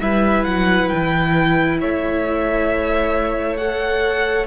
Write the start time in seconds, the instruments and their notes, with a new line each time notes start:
0.00 cello G3, viola E4, violin B4 E5
0.44 cello F#3, violin F#5
0.89 cello E3, violin G5
1.80 cello A3, violin C#5 E5
3.57 viola A4, violin F#5